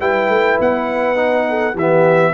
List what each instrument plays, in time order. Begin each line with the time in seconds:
0.00 tuba G3, trombone E4, horn B4, trumpet G5
0.29 tuba A3
0.60 tuba B3, trumpet F#5
1.16 trombone D#4
1.49 horn A4
1.74 tuba E3, horn G4, trumpet E5
1.81 trombone B3